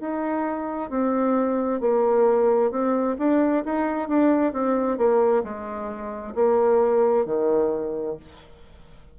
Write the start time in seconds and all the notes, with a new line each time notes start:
0.00 D#4
0.90 C4
1.81 A#3
2.71 C4
3.19 D4
3.65 D#4
4.09 D4
4.53 C4
4.98 A#3
5.44 G#3
6.35 A#3
7.26 D#3